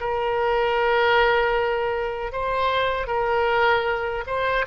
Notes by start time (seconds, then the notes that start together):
0.00 A#4
2.32 C5
3.07 A#4
4.26 C5